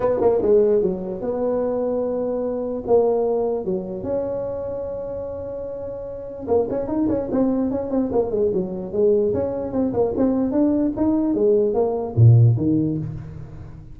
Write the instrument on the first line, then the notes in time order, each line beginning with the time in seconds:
tuba
0.00 B3
0.20 A#3
0.41 G#3
0.82 F#3
1.21 B3
2.86 A#3
3.64 F#3
4.03 C#4
6.47 A#3
6.70 C#4
6.87 D#4
7.08 C#4
7.31 C4
7.70 C#4
7.90 C4
8.12 A#3
8.30 G#3
8.53 F#3
8.92 G#3
9.33 C#4
9.72 C4
9.93 A#3
10.16 C4
10.51 D4
10.96 D#4
11.34 G#3
11.73 A#3
12.15 A#2
12.57 D#3